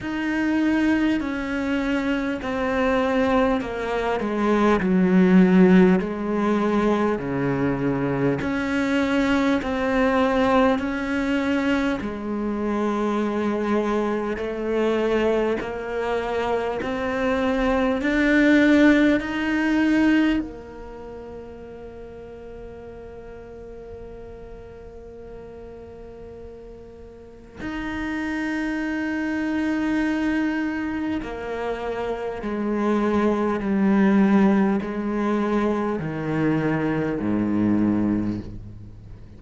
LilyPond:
\new Staff \with { instrumentName = "cello" } { \time 4/4 \tempo 4 = 50 dis'4 cis'4 c'4 ais8 gis8 | fis4 gis4 cis4 cis'4 | c'4 cis'4 gis2 | a4 ais4 c'4 d'4 |
dis'4 ais2.~ | ais2. dis'4~ | dis'2 ais4 gis4 | g4 gis4 dis4 gis,4 | }